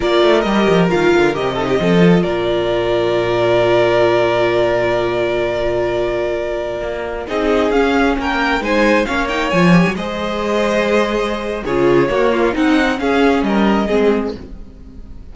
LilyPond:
<<
  \new Staff \with { instrumentName = "violin" } { \time 4/4 \tempo 4 = 134 d''4 dis''4 f''4 dis''4~ | dis''4 d''2.~ | d''1~ | d''1~ |
d''16 dis''4 f''4 g''4 gis''8.~ | gis''16 f''8 g''8 gis''4 dis''4.~ dis''16~ | dis''2 cis''2 | fis''4 f''4 dis''2 | }
  \new Staff \with { instrumentName = "violin" } { \time 4/4 ais'2.~ ais'8 a'16 g'16 | a'4 ais'2.~ | ais'1~ | ais'1~ |
ais'16 gis'2 ais'4 c''8.~ | c''16 cis''2 c''4.~ c''16~ | c''2 gis'4 fis'8 f'8 | dis'4 gis'4 ais'4 gis'4 | }
  \new Staff \with { instrumentName = "viola" } { \time 4/4 f'4 g'4 f'4 g'8 dis'8 | c'8 f'2.~ f'8~ | f'1~ | f'1~ |
f'16 dis'4 cis'2 dis'8.~ | dis'16 cis'8 dis'8 f'8 g'8 gis'4.~ gis'16~ | gis'2 f'4 ais4 | dis'4 cis'2 c'4 | }
  \new Staff \with { instrumentName = "cello" } { \time 4/4 ais8 a8 g8 f8 dis8 d8 c4 | f4 ais,2.~ | ais,1~ | ais,2.~ ais,16 ais8.~ |
ais16 c'4 cis'4 ais4 gis8.~ | gis16 ais4 f8. fis16 gis4.~ gis16~ | gis2 cis4 ais4 | c'4 cis'4 g4 gis4 | }
>>